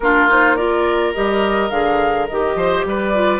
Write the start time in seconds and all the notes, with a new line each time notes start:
0.00 A#3 D4 F4 A#4
0.28 D#4 C5
0.55 F4 A#4 D5
1.14 G3 G4 D#5
1.70 D3 G#4 F5
2.27 D#3 G4 D#5
2.55 F3 C5
2.84 G3 B4 D5
3.14 F4